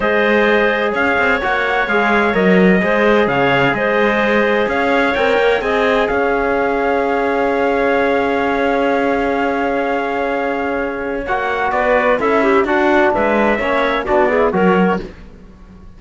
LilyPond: <<
  \new Staff \with { instrumentName = "trumpet" } { \time 4/4 \tempo 4 = 128 dis''2 f''4 fis''4 | f''4 dis''2 f''4 | dis''2 f''4 g''4 | gis''4 f''2.~ |
f''1~ | f''1 | fis''4 d''4 e''4 fis''4 | e''2 d''4 cis''4 | }
  \new Staff \with { instrumentName = "clarinet" } { \time 4/4 c''2 cis''2~ | cis''2 c''4 cis''4 | c''2 cis''2 | dis''4 cis''2.~ |
cis''1~ | cis''1~ | cis''4 b'4 a'8 g'8 fis'4 | b'4 cis''4 fis'8 gis'8 ais'4 | }
  \new Staff \with { instrumentName = "trombone" } { \time 4/4 gis'2. fis'4 | gis'4 ais'4 gis'2~ | gis'2. ais'4 | gis'1~ |
gis'1~ | gis'1 | fis'2 e'4 d'4~ | d'4 cis'4 d'8 e'8 fis'4 | }
  \new Staff \with { instrumentName = "cello" } { \time 4/4 gis2 cis'8 c'8 ais4 | gis4 fis4 gis4 cis4 | gis2 cis'4 c'8 ais8 | c'4 cis'2.~ |
cis'1~ | cis'1 | ais4 b4 cis'4 d'4 | gis4 ais4 b4 fis4 | }
>>